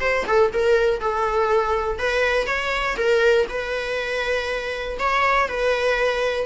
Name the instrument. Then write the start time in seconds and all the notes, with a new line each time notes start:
viola
0.00 C5
0.27 A4
0.53 A#4
1.00 A4
1.98 B4
2.47 C#5
2.97 A#4
3.49 B4
4.99 C#5
5.48 B4